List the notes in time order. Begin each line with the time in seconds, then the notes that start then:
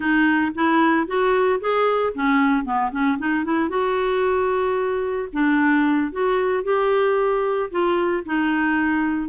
0.00 D#4
0.54 E4
1.07 F#4
1.60 G#4
2.14 C#4
2.64 B3
2.91 C#4
3.18 D#4
3.44 E4
3.69 F#4
5.32 D4
6.12 F#4
6.63 G4
7.70 F4
8.25 D#4